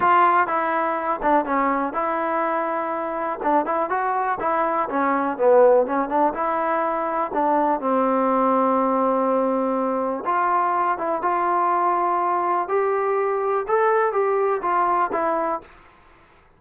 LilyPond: \new Staff \with { instrumentName = "trombone" } { \time 4/4 \tempo 4 = 123 f'4 e'4. d'8 cis'4 | e'2. d'8 e'8 | fis'4 e'4 cis'4 b4 | cis'8 d'8 e'2 d'4 |
c'1~ | c'4 f'4. e'8 f'4~ | f'2 g'2 | a'4 g'4 f'4 e'4 | }